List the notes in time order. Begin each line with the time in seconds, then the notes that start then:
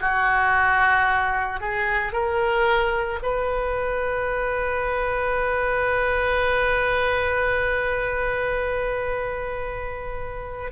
0.00 F#4
1.60 G#4
2.12 A#4
3.22 B4